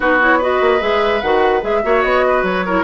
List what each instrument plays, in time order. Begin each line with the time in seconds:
0.00 bassoon B3, clarinet D#4, oboe F#4, flute B4
0.20 clarinet E4, flute C#5
0.38 clarinet F#4, oboe B4, flute D#5
0.60 bassoon A#3
0.80 bassoon G#3, clarinet G#4, flute E5
1.21 bassoon D#3, clarinet F#4, flute F#5
1.61 bassoon G#3, clarinet G#4, flute E5
1.83 bassoon A#3, clarinet F#4, oboe C#5
2.02 bassoon B3, flute D#5
2.27 oboe B4
2.42 bassoon F#3, flute C#5
2.65 clarinet E4, oboe A#4